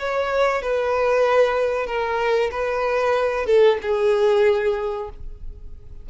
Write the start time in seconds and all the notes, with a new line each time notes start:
0.00 C#5
0.62 B4
1.87 A#4
2.52 B4
3.46 A4
3.83 G#4